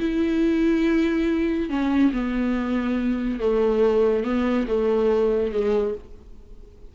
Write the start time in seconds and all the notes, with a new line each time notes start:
0.00 E4
1.70 C#4
2.13 B3
3.40 A3
4.24 B3
4.68 A3
5.52 G#3